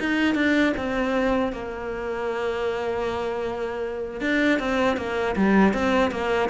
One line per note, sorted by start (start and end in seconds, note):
0.00 0.35 D#4
0.35 0.73 D4
0.77 1.52 C4
1.52 4.21 A#3
4.21 4.59 D4
4.59 4.97 C4
4.97 5.35 A#3
5.36 5.74 G3
5.74 6.12 C4
6.12 6.50 A#3